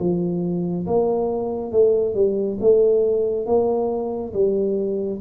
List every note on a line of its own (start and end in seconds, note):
0.00 0.87 F3
0.87 1.72 A#3
1.72 2.15 A3
2.15 2.58 G3
2.61 3.47 A3
3.47 4.34 A#3
4.34 5.21 G3